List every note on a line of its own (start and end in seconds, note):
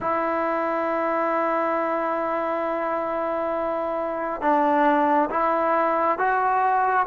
0.00 4.41 E4
4.41 5.29 D4
5.29 6.18 E4
6.18 7.06 F#4